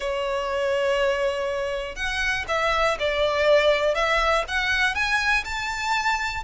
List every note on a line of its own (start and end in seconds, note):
0.00 1.95 C#5
1.95 2.45 F#5
2.47 2.97 E5
2.99 3.94 D5
3.94 4.44 E5
4.48 4.94 F#5
4.94 5.44 G#5
5.44 6.43 A5